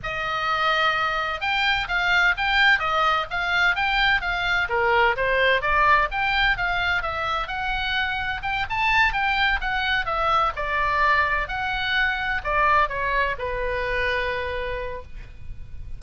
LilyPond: \new Staff \with { instrumentName = "oboe" } { \time 4/4 \tempo 4 = 128 dis''2. g''4 | f''4 g''4 dis''4 f''4 | g''4 f''4 ais'4 c''4 | d''4 g''4 f''4 e''4 |
fis''2 g''8 a''4 g''8~ | g''8 fis''4 e''4 d''4.~ | d''8 fis''2 d''4 cis''8~ | cis''8 b'2.~ b'8 | }